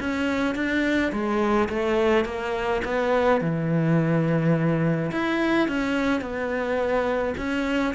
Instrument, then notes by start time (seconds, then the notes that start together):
cello
0.00 C#4
0.55 D4
1.12 G#3
1.69 A3
2.25 A#3
2.85 B3
3.41 E3
5.12 E4
5.69 C#4
6.21 B3
7.38 C#4